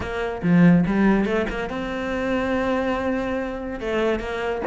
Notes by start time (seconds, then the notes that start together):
0.00 A#3
0.42 F3
0.86 G3
1.25 A3
1.49 A#3
1.69 C4
3.79 A3
4.19 A#3